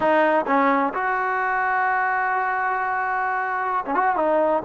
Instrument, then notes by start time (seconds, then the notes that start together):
trombone
0.00 D#4
0.46 C#4
0.93 F#4
3.85 C#4
3.95 F#4
4.16 D#4